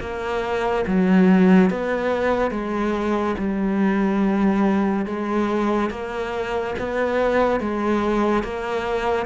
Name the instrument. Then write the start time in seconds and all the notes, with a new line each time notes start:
cello
0.00 A#3
0.87 F#3
1.70 B3
2.51 G#3
3.38 G3
5.06 G#3
5.90 A#3
6.79 B3
7.60 G#3
8.44 A#3